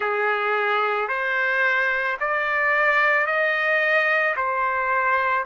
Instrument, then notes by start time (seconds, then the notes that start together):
trumpet
0.00 G#4
1.08 C5
2.20 D5
3.26 D#5
4.36 C5